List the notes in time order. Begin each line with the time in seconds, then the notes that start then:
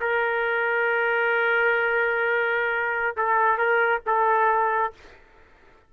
0.00 A#4
3.16 A4
3.58 A#4
4.06 A4